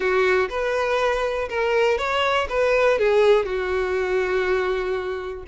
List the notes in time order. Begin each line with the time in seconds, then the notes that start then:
0.00 F#4
0.49 B4
1.49 A#4
1.97 C#5
2.49 B4
2.98 G#4
3.45 F#4